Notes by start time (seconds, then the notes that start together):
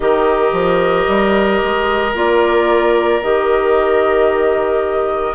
0.00 D#3 G4 A#4 D#5
0.52 F3
1.07 G3
1.63 G#3
2.14 A#3 F4 D5
3.22 D#3 G4 D#5